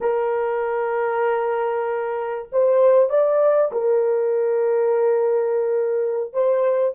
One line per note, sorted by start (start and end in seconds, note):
0.01 2.48 A#4
2.52 3.09 C5
3.09 3.71 D5
3.72 6.33 A#4
6.33 6.94 C5